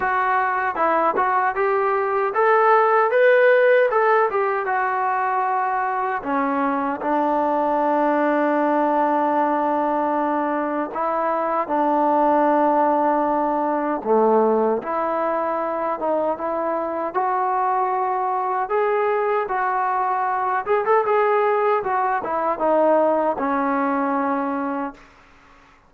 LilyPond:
\new Staff \with { instrumentName = "trombone" } { \time 4/4 \tempo 4 = 77 fis'4 e'8 fis'8 g'4 a'4 | b'4 a'8 g'8 fis'2 | cis'4 d'2.~ | d'2 e'4 d'4~ |
d'2 a4 e'4~ | e'8 dis'8 e'4 fis'2 | gis'4 fis'4. gis'16 a'16 gis'4 | fis'8 e'8 dis'4 cis'2 | }